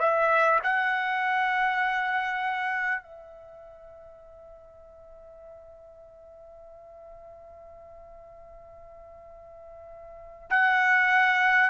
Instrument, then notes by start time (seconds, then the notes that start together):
trumpet
0.00 E5
0.63 F#5
3.03 E5
10.50 F#5